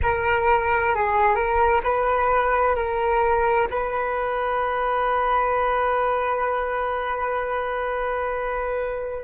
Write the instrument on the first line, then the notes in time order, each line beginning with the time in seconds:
flute
0.02 A#4
0.94 G#4
1.35 A#4
1.83 B4
2.75 A#4
3.70 B4